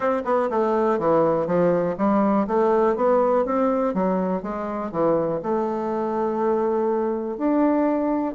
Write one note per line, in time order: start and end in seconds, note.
0.00 0.22 C4
0.25 0.49 B3
0.50 0.98 A3
0.98 1.46 E3
1.46 1.95 F3
1.97 2.46 G3
2.47 2.96 A3
2.96 3.45 B3
3.45 3.94 C4
3.94 4.42 F#3
4.42 4.91 G#3
4.91 5.40 E3
5.42 7.37 A3
7.37 8.35 D4